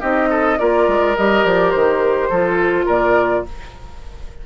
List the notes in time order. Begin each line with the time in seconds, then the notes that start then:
0.00 C4 D#4 G4 D#5
0.29 A4
0.58 A#3 F4 A#4 D5
0.87 G#3
1.16 G3 G4 D#5
1.44 F3 D5
1.71 D#3 C5
2.29 F3 F4 A4
2.85 A#2 A#4 D5